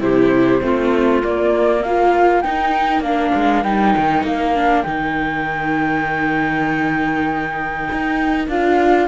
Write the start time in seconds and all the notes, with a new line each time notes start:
0.00 C3 E4 G4 C5
0.61 A3 C4 F4
1.23 A#3 D5
1.81 F4 A#4 F5
2.41 D#4 G5
3.01 A#3 D4 F5
3.36 G#3
3.63 G3 D#4 G5
3.97 D#3
4.24 A#3 F5
4.56 D4
4.84 D#3 D#4 G5
7.92 D#4
8.48 D4 F4 F5